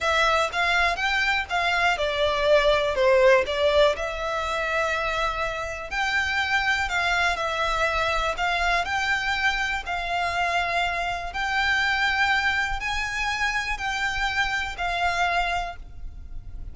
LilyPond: \new Staff \with { instrumentName = "violin" } { \time 4/4 \tempo 4 = 122 e''4 f''4 g''4 f''4 | d''2 c''4 d''4 | e''1 | g''2 f''4 e''4~ |
e''4 f''4 g''2 | f''2. g''4~ | g''2 gis''2 | g''2 f''2 | }